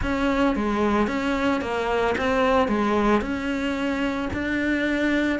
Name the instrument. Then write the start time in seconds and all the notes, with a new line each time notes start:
cello
0.02 C#4
0.55 G#3
1.07 C#4
1.61 A#3
2.17 C4
2.68 G#3
3.21 C#4
4.33 D4